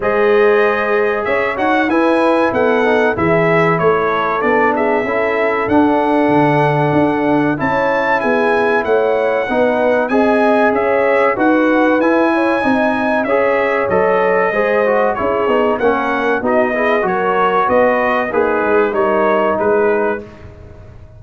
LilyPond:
<<
  \new Staff \with { instrumentName = "trumpet" } { \time 4/4 \tempo 4 = 95 dis''2 e''8 fis''8 gis''4 | fis''4 e''4 cis''4 d''8 e''8~ | e''4 fis''2. | a''4 gis''4 fis''2 |
gis''4 e''4 fis''4 gis''4~ | gis''4 e''4 dis''2 | cis''4 fis''4 dis''4 cis''4 | dis''4 b'4 cis''4 b'4 | }
  \new Staff \with { instrumentName = "horn" } { \time 4/4 c''2 cis''4 b'4 | a'4 gis'4 a'4. gis'8 | a'1 | cis''4 gis'4 cis''4 b'4 |
dis''4 cis''4 b'4. cis''8 | dis''4 cis''2 c''4 | gis'4 ais'4 fis'8 gis'8 ais'4 | b'4 dis'4 ais'4 gis'4 | }
  \new Staff \with { instrumentName = "trombone" } { \time 4/4 gis'2~ gis'8 fis'8 e'4~ | e'8 dis'8 e'2 d'4 | e'4 d'2. | e'2. dis'4 |
gis'2 fis'4 e'4 | dis'4 gis'4 a'4 gis'8 fis'8 | e'8 dis'8 cis'4 dis'8 e'8 fis'4~ | fis'4 gis'4 dis'2 | }
  \new Staff \with { instrumentName = "tuba" } { \time 4/4 gis2 cis'8 dis'8 e'4 | b4 e4 a4 b4 | cis'4 d'4 d4 d'4 | cis'4 b4 a4 b4 |
c'4 cis'4 dis'4 e'4 | c'4 cis'4 fis4 gis4 | cis'8 b8 ais4 b4 fis4 | b4 ais8 gis8 g4 gis4 | }
>>